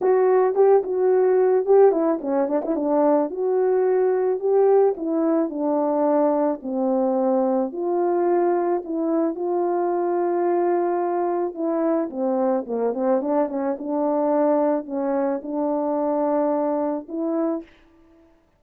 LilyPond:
\new Staff \with { instrumentName = "horn" } { \time 4/4 \tempo 4 = 109 fis'4 g'8 fis'4. g'8 e'8 | cis'8 d'16 e'16 d'4 fis'2 | g'4 e'4 d'2 | c'2 f'2 |
e'4 f'2.~ | f'4 e'4 c'4 ais8 c'8 | d'8 cis'8 d'2 cis'4 | d'2. e'4 | }